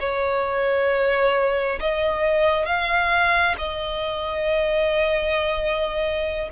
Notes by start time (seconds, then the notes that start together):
0.00 C#5
1.80 D#5
2.66 F5
3.58 D#5